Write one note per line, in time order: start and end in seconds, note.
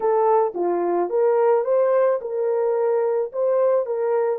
0.00 0.53 A4
0.54 1.09 F4
1.09 1.64 A#4
1.64 2.19 C5
2.21 3.31 A#4
3.32 3.85 C5
3.85 4.39 A#4